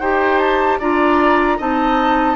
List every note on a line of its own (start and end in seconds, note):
0.00 0.79 D#4
0.00 0.81 G4
0.00 0.79 C5
0.00 0.39 G5
0.39 0.78 A5
0.79 1.60 D4
0.79 1.59 F4
0.79 1.58 D5
0.79 1.59 A#5
1.58 2.36 C4
1.58 2.36 D#4
1.58 2.36 D#5
1.58 2.36 A5